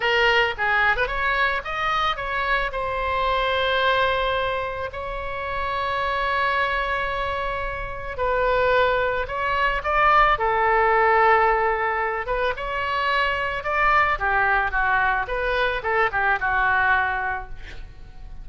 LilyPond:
\new Staff \with { instrumentName = "oboe" } { \time 4/4 \tempo 4 = 110 ais'4 gis'8. b'16 cis''4 dis''4 | cis''4 c''2.~ | c''4 cis''2.~ | cis''2. b'4~ |
b'4 cis''4 d''4 a'4~ | a'2~ a'8 b'8 cis''4~ | cis''4 d''4 g'4 fis'4 | b'4 a'8 g'8 fis'2 | }